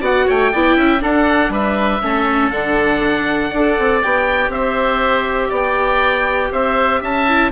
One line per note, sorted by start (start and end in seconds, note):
0.00 0.26 B3
0.00 0.51 F#4
0.00 0.25 D5
0.00 0.29 F#5
0.26 0.53 A3
0.26 0.51 C#5
0.26 1.02 G5
0.52 0.76 B3
0.52 0.99 E4
0.52 0.76 D5
0.76 1.01 C#4
0.76 1.01 E5
0.99 1.99 D4
0.99 1.49 D4
0.99 1.51 A4
0.99 1.52 F#5
1.49 1.99 G3
1.49 2.02 B4
1.49 2.50 E5
2.01 2.51 A3
2.01 2.51 C#4
2.01 3.49 A4
2.50 3.51 D3
2.50 3.52 D4
2.50 4.00 F#5
3.49 3.77 D4
3.49 4.02 A4
3.49 4.49 D5
3.78 4.03 C4
4.02 4.48 B3
4.02 7.27 G4
4.02 4.51 G5
4.48 5.48 C4
4.48 5.49 C5
4.48 5.51 E5
5.49 6.51 B3
5.49 6.49 D5
5.49 6.53 G5
6.51 7.01 C4
6.51 7.01 C5
6.51 7.03 E5
7.01 7.51 C#4
7.01 7.51 E5
7.01 7.51 A5
7.27 7.51 E4